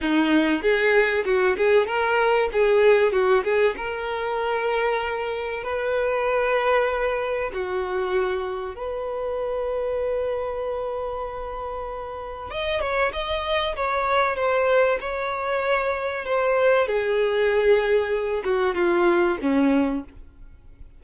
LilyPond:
\new Staff \with { instrumentName = "violin" } { \time 4/4 \tempo 4 = 96 dis'4 gis'4 fis'8 gis'8 ais'4 | gis'4 fis'8 gis'8 ais'2~ | ais'4 b'2. | fis'2 b'2~ |
b'1 | dis''8 cis''8 dis''4 cis''4 c''4 | cis''2 c''4 gis'4~ | gis'4. fis'8 f'4 cis'4 | }